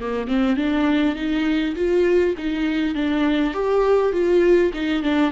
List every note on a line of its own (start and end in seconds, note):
0.00 0.28 A#3
0.28 0.57 C4
0.57 1.16 D4
1.16 1.76 D#4
1.76 2.35 F4
2.38 2.95 D#4
2.95 3.54 D4
3.54 4.13 G4
4.13 4.72 F4
4.74 5.03 D#4
5.03 5.32 D4